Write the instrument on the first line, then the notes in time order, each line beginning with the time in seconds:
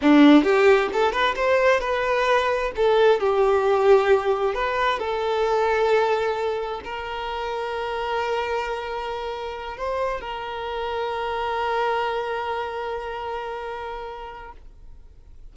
violin
0.01 D4
0.43 G4
0.93 A4
1.12 B4
1.35 C5
1.80 B4
2.76 A4
3.19 G4
4.54 B4
4.99 A4
6.84 A#4
9.77 C5
10.20 A#4